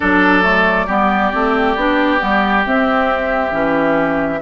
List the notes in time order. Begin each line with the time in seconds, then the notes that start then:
0.00 F#3 D4 A4 D5
0.42 A3
0.86 G3 B3 G4
1.32 A3 C4
1.76 B3 D4
2.18 G3 B3
2.65 C4 E5
3.51 E3 C#4